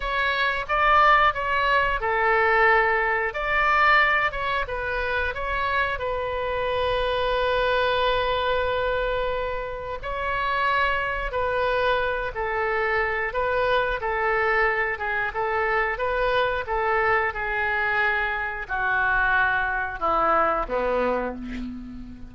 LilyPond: \new Staff \with { instrumentName = "oboe" } { \time 4/4 \tempo 4 = 90 cis''4 d''4 cis''4 a'4~ | a'4 d''4. cis''8 b'4 | cis''4 b'2.~ | b'2. cis''4~ |
cis''4 b'4. a'4. | b'4 a'4. gis'8 a'4 | b'4 a'4 gis'2 | fis'2 e'4 b4 | }